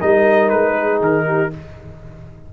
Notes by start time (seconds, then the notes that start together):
0.00 G3 D#4 A#4 D#5
0.49 G#3 B4
0.76 G#4
1.01 D#3 A#4
1.26 G4